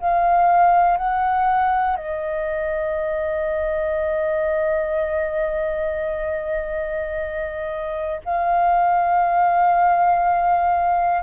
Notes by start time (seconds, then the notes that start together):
0.00 F5
0.97 F#5
1.96 D#5
8.25 F5